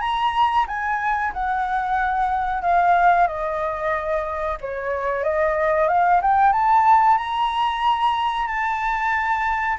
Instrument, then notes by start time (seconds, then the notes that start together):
flute
0.00 A#5
0.67 G#5
1.33 F#5
2.62 F5
3.27 D#5
4.60 C#5
5.24 D#5
5.88 F5
6.21 G5
6.52 A5
7.17 A#5
8.47 A5